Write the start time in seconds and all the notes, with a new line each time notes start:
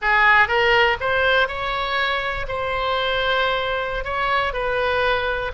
0.01 G#4
0.48 A#4
1.00 C5
1.48 C#5
2.48 C5
4.04 C#5
4.53 B4